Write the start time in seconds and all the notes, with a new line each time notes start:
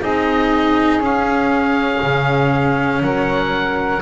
0.00 C4 D#4 G#4 D#5
0.99 C#4 F5
2.02 C#3
3.02 F#3 A#4 F#5